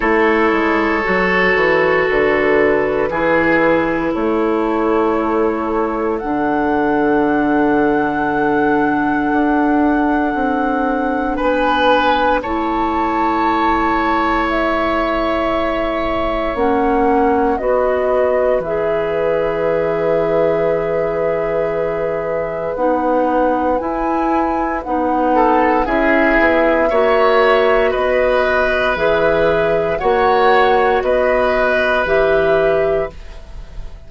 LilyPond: <<
  \new Staff \with { instrumentName = "flute" } { \time 4/4 \tempo 4 = 58 cis''2 b'2 | cis''2 fis''2~ | fis''2. gis''4 | a''2 e''2 |
fis''4 dis''4 e''2~ | e''2 fis''4 gis''4 | fis''4 e''2 dis''4 | e''4 fis''4 dis''4 e''4 | }
  \new Staff \with { instrumentName = "oboe" } { \time 4/4 a'2. gis'4 | a'1~ | a'2. b'4 | cis''1~ |
cis''4 b'2.~ | b'1~ | b'8 a'8 gis'4 cis''4 b'4~ | b'4 cis''4 b'2 | }
  \new Staff \with { instrumentName = "clarinet" } { \time 4/4 e'4 fis'2 e'4~ | e'2 d'2~ | d'1 | e'1 |
cis'4 fis'4 gis'2~ | gis'2 dis'4 e'4 | dis'4 e'4 fis'2 | gis'4 fis'2 g'4 | }
  \new Staff \with { instrumentName = "bassoon" } { \time 4/4 a8 gis8 fis8 e8 d4 e4 | a2 d2~ | d4 d'4 c'4 b4 | a1 |
ais4 b4 e2~ | e2 b4 e'4 | b4 cis'8 b8 ais4 b4 | e4 ais4 b4 e4 | }
>>